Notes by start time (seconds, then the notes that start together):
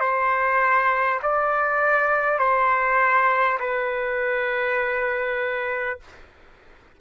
0.00 C5
1.23 D5
2.39 C5
3.59 B4